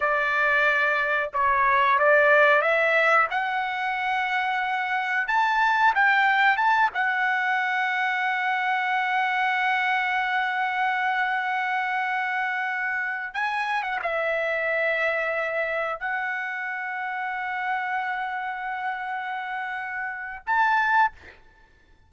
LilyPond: \new Staff \with { instrumentName = "trumpet" } { \time 4/4 \tempo 4 = 91 d''2 cis''4 d''4 | e''4 fis''2. | a''4 g''4 a''8 fis''4.~ | fis''1~ |
fis''1~ | fis''16 gis''8. fis''16 e''2~ e''8.~ | e''16 fis''2.~ fis''8.~ | fis''2. a''4 | }